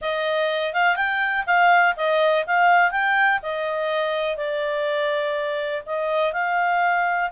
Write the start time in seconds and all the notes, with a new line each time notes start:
0.01 D#5
0.73 F5
0.96 G5
1.46 F5
1.96 D#5
2.46 F5
2.91 G5
3.42 D#5
4.36 D5
5.85 D#5
6.33 F5